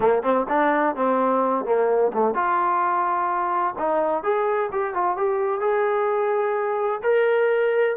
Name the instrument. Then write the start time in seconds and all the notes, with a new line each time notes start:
trombone
0.00 A#3
0.22 C4
0.48 D4
0.95 C4
1.65 A#3
2.13 A3
2.34 F4
3.78 D#4
4.23 G#4
4.72 G4
4.94 F4
5.16 G4
5.60 G#4
7.02 A#4